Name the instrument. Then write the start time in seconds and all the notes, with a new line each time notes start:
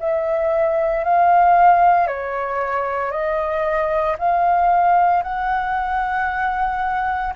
flute
0.00 E5
1.04 F5
2.08 C#5
3.11 D#5
4.19 F5
5.23 F#5